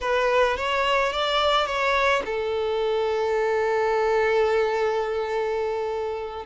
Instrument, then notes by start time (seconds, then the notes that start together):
violin
0.01 B4
0.56 C#5
1.12 D5
1.66 C#5
2.25 A4